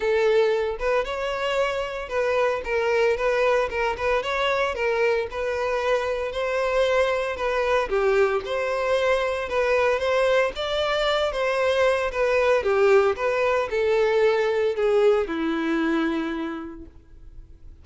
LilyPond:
\new Staff \with { instrumentName = "violin" } { \time 4/4 \tempo 4 = 114 a'4. b'8 cis''2 | b'4 ais'4 b'4 ais'8 b'8 | cis''4 ais'4 b'2 | c''2 b'4 g'4 |
c''2 b'4 c''4 | d''4. c''4. b'4 | g'4 b'4 a'2 | gis'4 e'2. | }